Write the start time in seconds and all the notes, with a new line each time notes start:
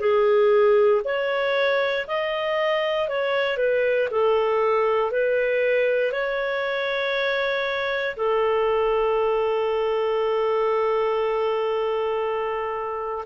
0.00 G#4
1.04 C#5
2.08 D#5
3.08 C#5
3.57 B4
4.11 A4
5.11 B4
6.12 C#5
8.16 A4